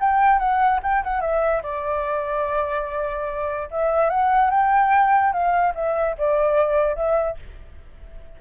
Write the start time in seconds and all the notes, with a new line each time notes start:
0.00 G5
0.39 F#5
0.83 G5
1.03 F#5
1.21 E5
1.63 D5
3.71 E5
4.09 F#5
4.51 G5
5.33 F5
5.75 E5
6.18 D5
6.96 E5